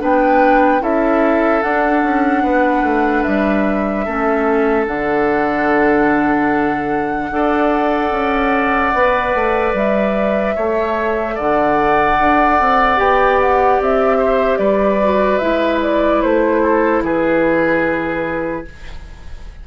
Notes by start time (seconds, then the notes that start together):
0.00 B3 D4 B4 G5
0.80 C#4 E4 A4 E5
1.62 D4 F#5
2.03 C#4
2.43 B3 B4
2.82 A3
3.23 G3 E5
4.05 A3 C#4 A4
4.86 D3 D4 F#5
7.30 D4 A4 D5
8.11 C#4
8.94 B3 B4
9.34 A3
9.73 G3 E5
10.55 A3 A4 C#5
11.34 D3 D5 F#5
12.19 D4
12.60 C4
12.96 B3 G4 G5
13.40 F#5
13.80 C4 E5
14.18 C5
14.57 G3 B4 D5
15.02 F#4
15.38 G#3 E4 E5
15.82 D5
16.22 A3 C5
16.62 A4
17.02 E3 G#4 B4